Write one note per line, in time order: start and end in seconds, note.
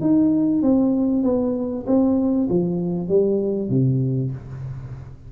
0.00 0.62 D#4
0.62 1.23 C4
1.23 1.85 B3
1.86 2.48 C4
2.49 3.08 F3
3.08 3.69 G3
3.69 4.31 C3